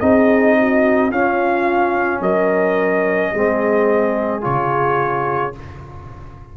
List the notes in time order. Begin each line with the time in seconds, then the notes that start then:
0.00 C4 D#4 G#4 D#5
0.59 F#4
1.11 C#4 F4 F5
2.21 F#3 A#4 D#5
3.32 G#3 C4 G#4
4.41 C#3 F4 C#5